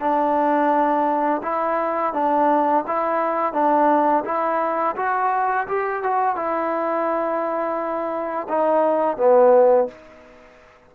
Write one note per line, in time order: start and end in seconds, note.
0.00 1.41 D4
1.42 2.13 E4
2.13 2.84 D4
2.87 3.53 E4
3.53 4.23 D4
4.24 4.95 E4
4.96 5.66 F#4
5.67 6.03 G4
6.03 6.35 F#4
6.35 8.47 E4
8.48 9.17 D#4
9.17 9.87 B3